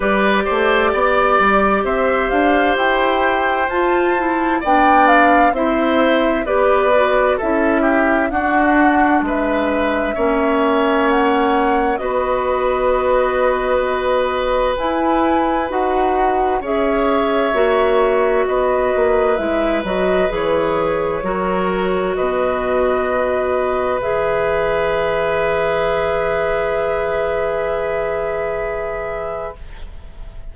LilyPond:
<<
  \new Staff \with { instrumentName = "flute" } { \time 4/4 \tempo 4 = 65 d''2 e''8 f''8 g''4 | a''4 g''8 f''8 e''4 d''4 | e''4 fis''4 e''2 | fis''4 dis''2. |
gis''4 fis''4 e''2 | dis''4 e''8 dis''8 cis''2 | dis''2 e''2~ | e''1 | }
  \new Staff \with { instrumentName = "oboe" } { \time 4/4 b'8 c''8 d''4 c''2~ | c''4 d''4 c''4 b'4 | a'8 g'8 fis'4 b'4 cis''4~ | cis''4 b'2.~ |
b'2 cis''2 | b'2. ais'4 | b'1~ | b'1 | }
  \new Staff \with { instrumentName = "clarinet" } { \time 4/4 g'1 | f'8 e'8 d'4 e'4 g'8 fis'8 | e'4 d'2 cis'4~ | cis'4 fis'2. |
e'4 fis'4 gis'4 fis'4~ | fis'4 e'8 fis'8 gis'4 fis'4~ | fis'2 gis'2~ | gis'1 | }
  \new Staff \with { instrumentName = "bassoon" } { \time 4/4 g8 a8 b8 g8 c'8 d'8 e'4 | f'4 b4 c'4 b4 | cis'4 d'4 gis4 ais4~ | ais4 b2. |
e'4 dis'4 cis'4 ais4 | b8 ais8 gis8 fis8 e4 fis4 | b,2 e2~ | e1 | }
>>